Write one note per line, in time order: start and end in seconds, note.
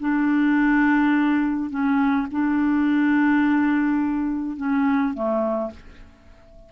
0.00 1.70 D4
1.70 2.27 C#4
2.31 4.57 D4
4.57 5.14 C#4
5.14 5.71 A3